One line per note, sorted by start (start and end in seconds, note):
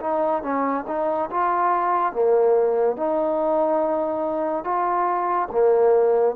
0.00 0.42 D#4
0.42 0.85 C#4
0.88 1.30 D#4
1.30 2.12 F4
2.12 2.97 A#3
2.97 4.64 D#4
4.64 5.48 F4
5.51 6.35 A#3